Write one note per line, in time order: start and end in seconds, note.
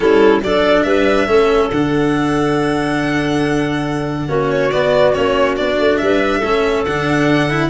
0.00 0.41 G3
0.00 0.40 C#4
0.00 0.42 E4
0.00 0.39 A4
0.41 0.84 F#3
0.41 1.27 D4
0.41 0.85 A4
0.41 0.82 D5
0.82 1.27 G3
0.82 1.28 B4
0.82 1.68 E5
1.27 1.69 A3
1.27 1.70 C#4
1.27 4.28 A4
1.70 4.27 D3
1.70 4.28 D4
1.70 4.49 F#5
4.28 4.71 A#3
4.28 4.71 C#4
4.28 6.00 F#4
4.49 4.71 C#5
4.71 5.14 B3
4.71 5.16 B3
4.71 5.12 D5
5.12 5.59 A#3
5.12 5.56 C#4
5.12 5.55 C#5
5.56 5.78 B3
5.56 6.42 D4
5.56 5.97 D5
5.78 6.00 A3
5.97 6.44 G3
5.97 6.83 E5
6.03 6.38 B4
6.38 6.86 A3
6.38 6.87 C#4
6.38 7.67 A4
6.85 7.69 D3
6.85 7.50 D4
6.85 7.69 F#5
7.50 7.69 E4